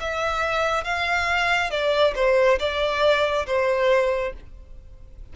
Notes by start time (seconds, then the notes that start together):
0.00 E5
0.84 F5
1.71 D5
2.15 C5
2.59 D5
3.47 C5